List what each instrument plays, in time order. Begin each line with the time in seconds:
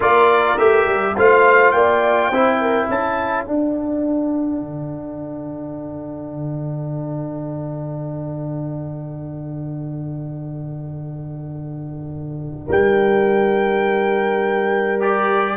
0.00 tuba A#3, trombone F4, horn A#4, trumpet D5
0.57 tuba A3, trombone G4, trumpet E5
0.86 tuba G3
1.17 tuba A3, trombone F4, horn C5, trumpet F5
1.71 tuba A#3, horn D5, trumpet G5
2.28 tuba C4, trombone E4, horn C5
2.60 horn A#4
2.89 tuba C#4, horn A4, trumpet A5
3.44 tuba D4, trombone D4, trumpet F#5
4.60 tuba D3
12.66 tuba G3, horn A#4, trumpet G5
15.00 trombone G4, trumpet D5